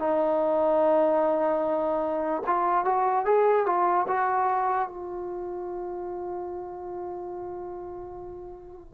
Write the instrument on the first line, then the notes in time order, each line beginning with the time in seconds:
trombone
0.00 D#4
2.47 F4
2.86 F#4
3.26 G#4
3.66 F4
4.08 F#4
4.89 F4